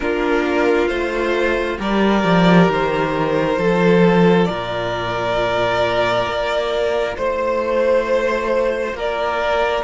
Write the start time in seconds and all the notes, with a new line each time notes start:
0.00 A#3 D4 F4 A#4
0.87 A3 F4 C5
1.78 G3 G4 A#4 D5
2.23 F3
2.68 D#3 C5
3.56 F3 F4 A4
4.44 A#2 A#4 D5
6.26 A#3
7.16 A3 C5
8.93 A#3 A#4 D5